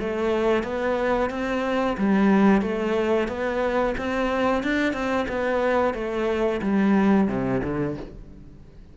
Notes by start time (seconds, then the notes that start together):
0.00 A3
0.64 B3
1.30 C4
1.98 G3
2.62 A3
3.28 B3
3.98 C4
4.63 D4
4.93 C4
5.29 B3
5.94 A3
6.62 G3
7.28 C3
7.64 D3